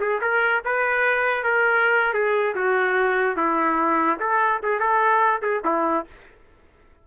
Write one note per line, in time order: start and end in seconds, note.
0.00 0.21 G#4
0.21 0.62 A#4
0.65 1.44 B4
1.44 2.14 A#4
2.14 2.55 G#4
2.55 3.36 F#4
3.36 4.19 E4
4.20 4.61 A4
4.63 4.80 G#4
4.80 5.41 A4
5.42 5.62 G#4
5.65 6.06 E4